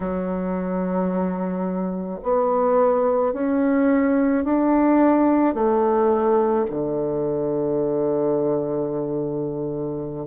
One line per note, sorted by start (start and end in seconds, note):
0.00 2.20 F#3
2.22 3.33 B3
3.33 4.44 C#4
4.44 5.54 D4
5.54 6.65 A3
6.70 10.26 D3